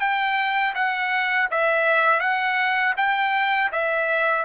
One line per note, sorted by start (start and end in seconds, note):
0.00 0.74 G5
0.75 1.49 F#5
1.51 2.20 E5
2.20 2.94 F#5
2.97 3.71 G5
3.72 4.45 E5